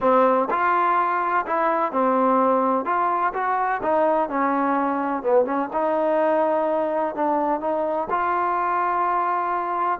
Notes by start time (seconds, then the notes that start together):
0.00 C4
0.50 F4
1.46 E4
1.92 C4
2.85 F4
3.33 F#4
3.82 D#4
4.29 C#4
5.22 B3
5.45 C#4
5.72 D#4
7.15 D4
7.60 D#4
8.10 F4